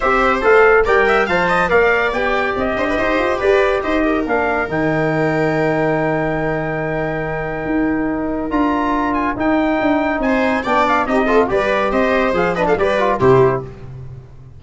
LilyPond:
<<
  \new Staff \with { instrumentName = "trumpet" } { \time 4/4 \tempo 4 = 141 e''4 f''4 g''4 a''4 | f''4 g''4 dis''2 | d''4 dis''4 f''4 g''4~ | g''1~ |
g''1 | ais''4. gis''8 g''2 | gis''4 g''8 f''8 dis''4 d''4 | dis''4 f''8 dis''16 f''16 d''4 c''4 | }
  \new Staff \with { instrumentName = "viola" } { \time 4/4 c''2 d''8 e''8 f''8 dis''8 | d''2~ d''8 c''16 b'16 c''4 | b'4 c''8 ais'2~ ais'8~ | ais'1~ |
ais'1~ | ais'1 | c''4 d''4 g'8 a'8 b'4 | c''4. b'16 a'16 b'4 g'4 | }
  \new Staff \with { instrumentName = "trombone" } { \time 4/4 g'4 a'4 ais'4 c''4 | ais'4 g'2.~ | g'2 d'4 dis'4~ | dis'1~ |
dis'1 | f'2 dis'2~ | dis'4 d'4 dis'8 f'8 g'4~ | g'4 gis'8 d'8 g'8 f'8 e'4 | }
  \new Staff \with { instrumentName = "tuba" } { \time 4/4 c'4 a4 g4 f4 | ais4 b4 c'8 d'8 dis'8 f'8 | g'4 dis'4 ais4 dis4~ | dis1~ |
dis2 dis'2 | d'2 dis'4 d'4 | c'4 b4 c'4 g4 | c'4 f4 g4 c4 | }
>>